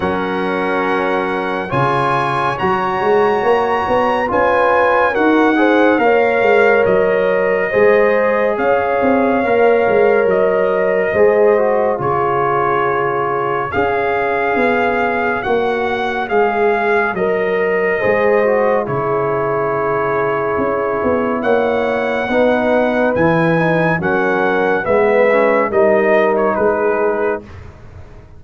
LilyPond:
<<
  \new Staff \with { instrumentName = "trumpet" } { \time 4/4 \tempo 4 = 70 fis''2 gis''4 ais''4~ | ais''4 gis''4 fis''4 f''4 | dis''2 f''2 | dis''2 cis''2 |
f''2 fis''4 f''4 | dis''2 cis''2~ | cis''4 fis''2 gis''4 | fis''4 e''4 dis''8. cis''16 b'4 | }
  \new Staff \with { instrumentName = "horn" } { \time 4/4 ais'2 cis''2~ | cis''4 b'4 ais'8 c''8 cis''4~ | cis''4 c''4 cis''2~ | cis''4 c''4 gis'2 |
cis''1~ | cis''4 c''4 gis'2~ | gis'4 cis''4 b'2 | ais'4 b'4 ais'4 gis'4 | }
  \new Staff \with { instrumentName = "trombone" } { \time 4/4 cis'2 f'4 fis'4~ | fis'4 f'4 fis'8 gis'8 ais'4~ | ais'4 gis'2 ais'4~ | ais'4 gis'8 fis'8 f'2 |
gis'2 fis'4 gis'4 | ais'4 gis'8 fis'8 e'2~ | e'2 dis'4 e'8 dis'8 | cis'4 b8 cis'8 dis'2 | }
  \new Staff \with { instrumentName = "tuba" } { \time 4/4 fis2 cis4 fis8 gis8 | ais8 b8 cis'4 dis'4 ais8 gis8 | fis4 gis4 cis'8 c'8 ais8 gis8 | fis4 gis4 cis2 |
cis'4 b4 ais4 gis4 | fis4 gis4 cis2 | cis'8 b8 ais4 b4 e4 | fis4 gis4 g4 gis4 | }
>>